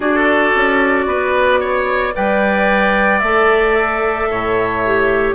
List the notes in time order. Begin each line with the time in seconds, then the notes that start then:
0.00 D4 F#4 A4 D5
0.55 C#4
1.06 B3 B4
1.60 C#5
2.13 G3 B4 D5 G5
3.19 A3 A4 E5
4.29 A2 C#5
4.85 G4